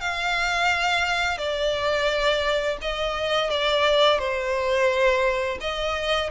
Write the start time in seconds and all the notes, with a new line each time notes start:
0.00 F5
1.38 D5
2.81 D#5
3.50 D5
4.19 C5
5.60 D#5